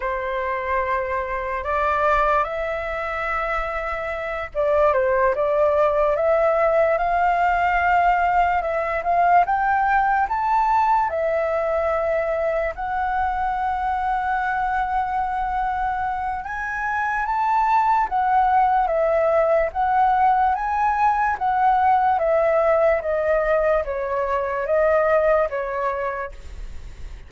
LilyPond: \new Staff \with { instrumentName = "flute" } { \time 4/4 \tempo 4 = 73 c''2 d''4 e''4~ | e''4. d''8 c''8 d''4 e''8~ | e''8 f''2 e''8 f''8 g''8~ | g''8 a''4 e''2 fis''8~ |
fis''1 | gis''4 a''4 fis''4 e''4 | fis''4 gis''4 fis''4 e''4 | dis''4 cis''4 dis''4 cis''4 | }